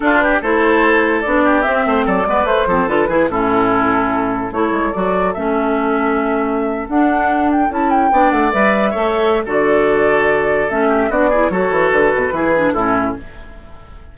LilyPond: <<
  \new Staff \with { instrumentName = "flute" } { \time 4/4 \tempo 4 = 146 a'8 b'8 c''2 d''4 | e''4 d''4 c''4 b'4 | a'2. cis''4 | d''4 e''2.~ |
e''8. fis''4. g''8 a''8 g''8.~ | g''16 fis''8 e''2~ e''16 d''4~ | d''2 e''4 d''4 | cis''4 b'2 a'4 | }
  \new Staff \with { instrumentName = "oboe" } { \time 4/4 f'8 g'8 a'2~ a'8 g'8~ | g'8 c''8 a'8 b'4 a'4 gis'8 | e'2. a'4~ | a'1~ |
a'2.~ a'8. d''16~ | d''4.~ d''16 cis''4~ cis''16 a'4~ | a'2~ a'8 g'8 fis'8 gis'8 | a'2 gis'4 e'4 | }
  \new Staff \with { instrumentName = "clarinet" } { \time 4/4 d'4 e'2 d'4 | c'4. b8 a8 c'8 f'8 e'8 | cis'2. e'4 | fis'4 cis'2.~ |
cis'8. d'2 e'4 d'16~ | d'8. b'4 a'4~ a'16 fis'4~ | fis'2 cis'4 d'8 e'8 | fis'2 e'8 d'8 cis'4 | }
  \new Staff \with { instrumentName = "bassoon" } { \time 4/4 d'4 a2 b4 | c'8 a8 fis8 gis8 a8 f8 d8 e8 | a,2. a8 gis8 | fis4 a2.~ |
a8. d'2 cis'4 b16~ | b16 a8 g4 a4~ a16 d4~ | d2 a4 b4 | fis8 e8 d8 b,8 e4 a,4 | }
>>